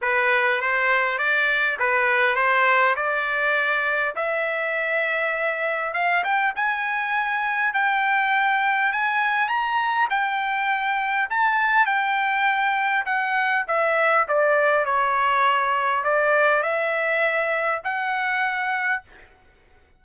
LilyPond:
\new Staff \with { instrumentName = "trumpet" } { \time 4/4 \tempo 4 = 101 b'4 c''4 d''4 b'4 | c''4 d''2 e''4~ | e''2 f''8 g''8 gis''4~ | gis''4 g''2 gis''4 |
ais''4 g''2 a''4 | g''2 fis''4 e''4 | d''4 cis''2 d''4 | e''2 fis''2 | }